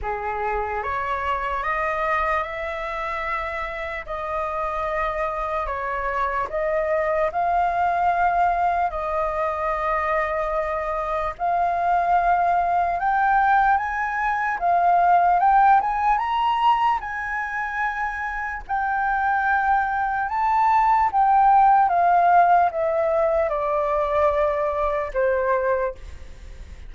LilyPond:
\new Staff \with { instrumentName = "flute" } { \time 4/4 \tempo 4 = 74 gis'4 cis''4 dis''4 e''4~ | e''4 dis''2 cis''4 | dis''4 f''2 dis''4~ | dis''2 f''2 |
g''4 gis''4 f''4 g''8 gis''8 | ais''4 gis''2 g''4~ | g''4 a''4 g''4 f''4 | e''4 d''2 c''4 | }